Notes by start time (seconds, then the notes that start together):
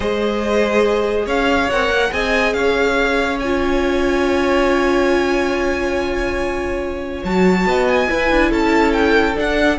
0.00 G#3 G#4 C5 D#5
1.25 C#4 C#5 F5
1.70 C4 A#4 F#5
1.89 A#3
2.11 C4 G#4 D#5 G#5
2.53 C#4 C#5 F5
3.39 F4 G#5
7.24 F#3 F#4 A5
7.66 B3 D#5
7.87 G#5
8.08 E4 B4
8.31 D4
8.50 C#4 A4 A5
8.92 G5
9.34 D4 F#5